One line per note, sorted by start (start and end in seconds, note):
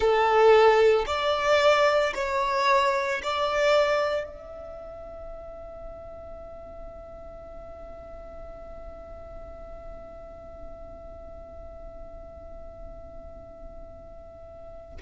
0.00 1.05 A4
1.06 2.13 D5
2.14 3.21 C#5
3.22 4.25 D5
4.25 14.96 E5